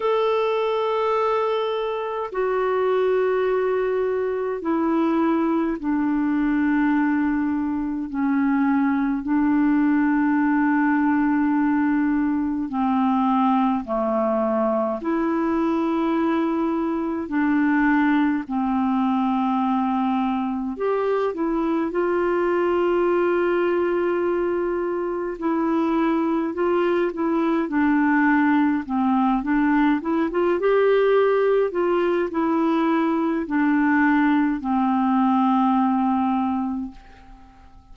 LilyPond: \new Staff \with { instrumentName = "clarinet" } { \time 4/4 \tempo 4 = 52 a'2 fis'2 | e'4 d'2 cis'4 | d'2. c'4 | a4 e'2 d'4 |
c'2 g'8 e'8 f'4~ | f'2 e'4 f'8 e'8 | d'4 c'8 d'8 e'16 f'16 g'4 f'8 | e'4 d'4 c'2 | }